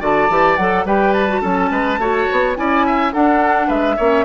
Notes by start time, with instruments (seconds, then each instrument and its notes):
0.00 bassoon D3, clarinet F#4, oboe D5, flute A5
0.30 bassoon E3, clarinet G4
0.56 bassoon F#3, clarinet A4, flute F#5
0.85 bassoon G3, clarinet G4, oboe B4, flute G5
1.13 flute A5
1.29 clarinet F#4
1.42 bassoon F#3, clarinet C#4, oboe A4
1.71 bassoon G#3, oboe B4
1.98 bassoon A3, clarinet F#4, oboe C#5
2.32 bassoon B3
2.56 bassoon C#4, clarinet E4, oboe D5, flute G#5
2.87 oboe E5
3.13 clarinet D4, bassoon D4, oboe A4, flute F#5
3.67 bassoon G#3, oboe B4, flute E5
3.97 bassoon A#3, clarinet C#4, oboe C#5